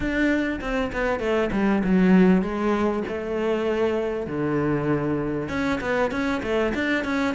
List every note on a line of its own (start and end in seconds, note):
0.00 0.59 D4
0.61 0.91 C4
0.92 1.19 B3
1.19 1.50 A3
1.52 1.82 G3
1.84 2.42 F#3
2.42 3.03 G#3
3.08 4.26 A3
4.26 5.49 D3
5.49 5.79 C#4
5.80 6.11 B3
6.11 6.41 C#4
6.42 6.73 A3
6.74 7.04 D4
7.04 7.35 C#4